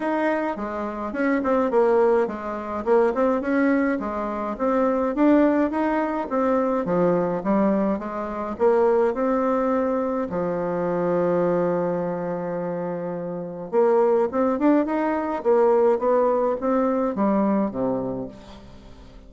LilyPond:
\new Staff \with { instrumentName = "bassoon" } { \time 4/4 \tempo 4 = 105 dis'4 gis4 cis'8 c'8 ais4 | gis4 ais8 c'8 cis'4 gis4 | c'4 d'4 dis'4 c'4 | f4 g4 gis4 ais4 |
c'2 f2~ | f1 | ais4 c'8 d'8 dis'4 ais4 | b4 c'4 g4 c4 | }